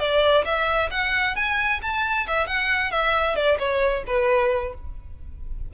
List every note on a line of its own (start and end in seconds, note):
0.00 0.45 D5
0.45 0.90 E5
0.91 1.36 F#5
1.36 1.81 G#5
1.82 2.27 A5
2.28 2.47 E5
2.47 2.91 F#5
2.91 3.36 E5
3.36 3.58 D5
3.59 4.04 C#5
4.07 4.74 B4